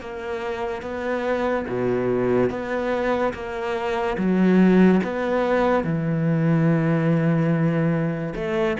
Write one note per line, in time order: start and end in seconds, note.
0.00 0.82 A#3
0.82 1.65 B3
1.67 2.50 B2
2.50 3.33 B3
3.33 4.17 A#3
4.17 5.01 F#3
5.03 5.84 B3
5.84 8.34 E3
8.35 8.77 A3